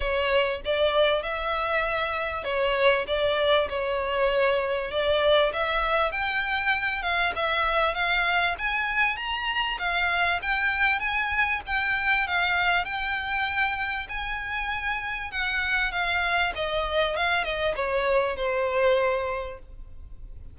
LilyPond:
\new Staff \with { instrumentName = "violin" } { \time 4/4 \tempo 4 = 98 cis''4 d''4 e''2 | cis''4 d''4 cis''2 | d''4 e''4 g''4. f''8 | e''4 f''4 gis''4 ais''4 |
f''4 g''4 gis''4 g''4 | f''4 g''2 gis''4~ | gis''4 fis''4 f''4 dis''4 | f''8 dis''8 cis''4 c''2 | }